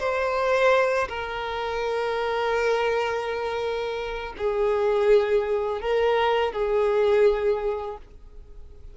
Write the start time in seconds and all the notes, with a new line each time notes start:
0.00 C5
1.09 A#4
4.38 G#4
5.82 A#4
6.53 G#4